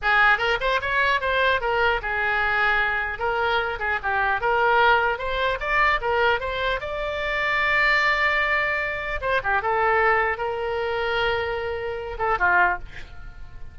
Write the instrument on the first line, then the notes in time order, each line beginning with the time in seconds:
oboe
0.02 G#4
0.38 A#4
0.60 C5
0.81 C#5
1.20 C5
1.60 A#4
2.01 G#4
3.19 A#4
3.79 G#4
4.02 G4
4.40 A#4
5.18 C5
5.60 D5
6.01 A#4
6.40 C5
6.80 D5
9.21 C5
9.43 G4
9.62 A4
10.37 A#4
12.18 A4
12.39 F4